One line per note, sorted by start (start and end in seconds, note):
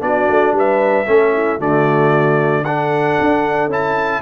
0.00 0.28 B3
0.00 1.05 D4
0.00 0.56 F#4
0.00 0.55 D5
0.29 0.53 A3
0.53 1.05 G3
0.53 1.06 B4
0.59 1.61 E5
1.06 1.59 A3
1.06 1.59 C#4
1.06 1.33 A4
1.33 1.59 E4
1.59 3.17 D3
1.59 2.65 A3
1.59 2.64 F#4
1.59 2.65 D5
2.65 3.71 D4
2.65 4.22 A4
2.65 3.70 F#5
3.20 3.68 D4
3.68 4.21 C#4
3.68 4.22 E4
3.68 4.22 A5